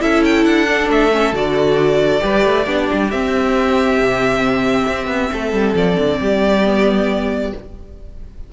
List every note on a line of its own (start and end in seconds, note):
0.00 0.45 C#4
0.00 0.66 E4
0.00 2.22 A4
0.00 0.23 E5
0.24 0.44 G5
0.44 0.88 D4
0.44 0.88 F#5
0.66 1.10 D4
0.88 1.32 A3
0.88 1.35 E5
1.11 1.33 C#4
1.32 2.20 D3
1.32 2.19 F#4
1.32 3.10 D5
2.19 2.45 G3
2.19 2.63 G4
2.19 2.66 B4
2.45 2.66 A3
2.66 2.88 B3
2.66 3.10 D4
2.66 5.30 G4
2.92 3.12 G3
3.10 3.99 C4
3.10 6.64 C4
3.10 5.75 E5
3.99 4.87 C3
4.88 5.07 C4
5.07 5.29 B3
5.32 5.52 A3
5.32 6.19 A4
5.52 5.74 G3
5.74 5.96 F3
5.74 7.52 D5
5.97 6.19 D3
6.19 7.52 G3
6.19 7.52 G4
6.64 7.52 B3